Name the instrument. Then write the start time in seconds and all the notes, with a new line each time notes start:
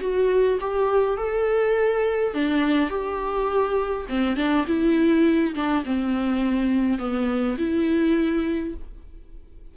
viola
0.00 F#4
0.60 G4
1.17 A4
2.34 D4
2.89 G4
4.09 C4
4.36 D4
4.67 E4
5.54 D4
5.84 C4
6.98 B3
7.58 E4